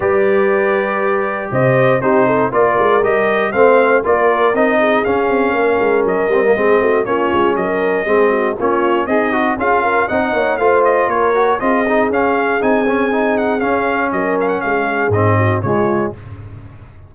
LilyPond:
<<
  \new Staff \with { instrumentName = "trumpet" } { \time 4/4 \tempo 4 = 119 d''2. dis''4 | c''4 d''4 dis''4 f''4 | d''4 dis''4 f''2 | dis''2 cis''4 dis''4~ |
dis''4 cis''4 dis''4 f''4 | fis''4 f''8 dis''8 cis''4 dis''4 | f''4 gis''4. fis''8 f''4 | dis''8 f''16 fis''16 f''4 dis''4 cis''4 | }
  \new Staff \with { instrumentName = "horn" } { \time 4/4 b'2. c''4 | g'8 a'8 ais'2 c''4 | ais'4. gis'4. ais'4~ | ais'4 gis'8 fis'8 f'4 ais'4 |
gis'8 fis'8 f'4 dis'4 gis'8 ais'8 | dis''8 cis''8 c''4 ais'4 gis'4~ | gis'1 | ais'4 gis'4. fis'8 f'4 | }
  \new Staff \with { instrumentName = "trombone" } { \time 4/4 g'1 | dis'4 f'4 g'4 c'4 | f'4 dis'4 cis'2~ | cis'8 c'16 ais16 c'4 cis'2 |
c'4 cis'4 gis'8 fis'8 f'4 | dis'4 f'4. fis'8 f'8 dis'8 | cis'4 dis'8 cis'8 dis'4 cis'4~ | cis'2 c'4 gis4 | }
  \new Staff \with { instrumentName = "tuba" } { \time 4/4 g2. c4 | c'4 ais8 gis8 g4 a4 | ais4 c'4 cis'8 c'8 ais8 gis8 | fis8 g8 gis8 a8 ais8 gis8 fis4 |
gis4 ais4 c'4 cis'4 | c'8 ais8 a4 ais4 c'4 | cis'4 c'2 cis'4 | fis4 gis4 gis,4 cis4 | }
>>